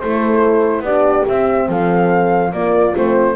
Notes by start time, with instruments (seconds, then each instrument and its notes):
0.00 double bass A3, horn E4 A4, flute C5
0.81 double bass B3, horn D4 G4, flute D5
1.27 horn C4, double bass C4, flute E5
1.69 double bass F3, horn A4, flute F5
2.53 double bass A#3, horn A#3 F4, flute D5
2.95 double bass A3, horn C4, flute C5